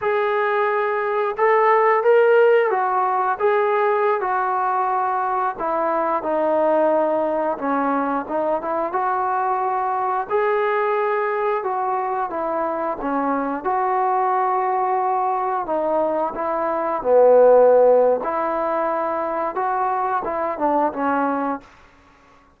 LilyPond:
\new Staff \with { instrumentName = "trombone" } { \time 4/4 \tempo 4 = 89 gis'2 a'4 ais'4 | fis'4 gis'4~ gis'16 fis'4.~ fis'16~ | fis'16 e'4 dis'2 cis'8.~ | cis'16 dis'8 e'8 fis'2 gis'8.~ |
gis'4~ gis'16 fis'4 e'4 cis'8.~ | cis'16 fis'2. dis'8.~ | dis'16 e'4 b4.~ b16 e'4~ | e'4 fis'4 e'8 d'8 cis'4 | }